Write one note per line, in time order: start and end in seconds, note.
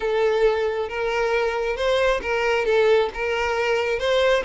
0.00 0.88 A4
0.88 1.76 A#4
1.76 2.21 C5
2.22 2.65 A#4
2.65 3.09 A4
3.14 3.99 A#4
3.99 4.43 C5